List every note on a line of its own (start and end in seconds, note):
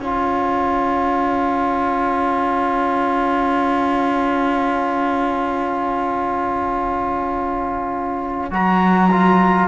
0.00 8.51 C#4
0.00 8.51 F4
0.00 9.68 C#5
0.00 8.53 G#5
8.51 9.68 F#3
8.51 9.10 F#4
8.51 9.68 A#5
9.11 9.68 F4